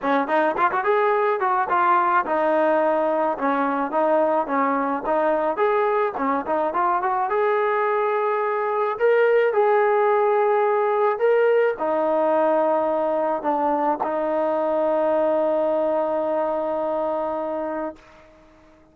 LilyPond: \new Staff \with { instrumentName = "trombone" } { \time 4/4 \tempo 4 = 107 cis'8 dis'8 f'16 fis'16 gis'4 fis'8 f'4 | dis'2 cis'4 dis'4 | cis'4 dis'4 gis'4 cis'8 dis'8 | f'8 fis'8 gis'2. |
ais'4 gis'2. | ais'4 dis'2. | d'4 dis'2.~ | dis'1 | }